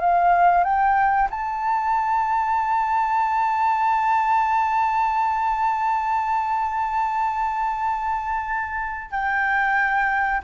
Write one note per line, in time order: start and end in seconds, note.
0.00 0.63 F5
0.63 1.29 G5
1.30 9.11 A5
9.11 10.41 G5